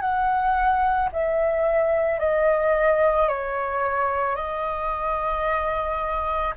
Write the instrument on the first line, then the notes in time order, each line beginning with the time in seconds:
flute
0.00 F#5
1.12 E5
2.19 D#5
3.28 C#5
4.35 D#5